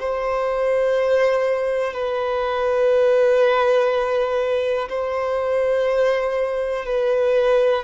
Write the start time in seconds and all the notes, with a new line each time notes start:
0.00 C5
1.94 B4
4.89 C5
6.85 B4